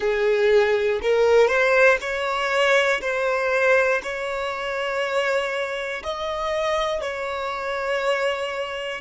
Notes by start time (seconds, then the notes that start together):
0.00 G#4
1.02 A#4
1.47 C5
2.00 C#5
3.00 C5
4.02 C#5
6.03 D#5
7.01 C#5